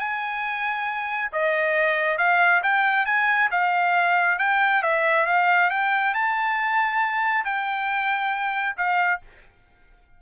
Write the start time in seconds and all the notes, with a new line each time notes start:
0.00 G#5
1.33 D#5
2.18 F5
2.63 G5
3.06 G#5
3.51 F5
4.39 G5
4.83 E5
5.27 F5
5.71 G5
6.14 A5
7.45 G5
8.77 F5